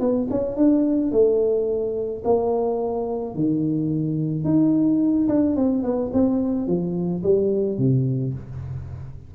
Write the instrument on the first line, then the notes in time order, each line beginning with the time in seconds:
tuba
0.00 B3
0.31 C#4
0.57 D4
1.12 A3
2.24 A#3
3.35 D#3
4.45 D#4
5.29 D4
5.56 C4
5.83 B3
6.13 C4
6.67 F3
7.23 G3
7.78 C3